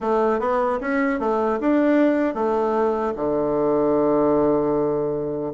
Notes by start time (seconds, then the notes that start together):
0.00 A3
0.39 B3
0.80 C#4
1.19 A3
1.60 D4
2.34 A3
3.16 D3